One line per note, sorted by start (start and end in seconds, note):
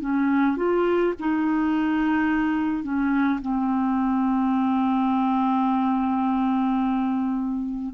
0.00 0.57 C#4
0.57 1.13 F4
1.19 2.84 D#4
2.84 3.40 C#4
3.42 7.95 C4